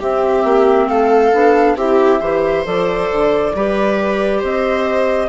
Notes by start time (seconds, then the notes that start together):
0.00 C4 G4 E5
0.44 A#3
0.88 A3 A4 F5
1.33 B3 D4
1.76 C4 E4 G4 E5
2.21 E3 G4 C5
2.65 F3 A4 D5
3.12 D3
3.55 G3 G4 B4
4.40 C4 C5 D#5